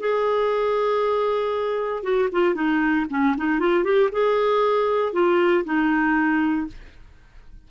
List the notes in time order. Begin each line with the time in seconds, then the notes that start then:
0.00 G#4
2.03 F#4
2.32 F4
2.55 D#4
3.10 C#4
3.37 D#4
3.59 F4
3.84 G4
4.12 G#4
5.13 F4
5.65 D#4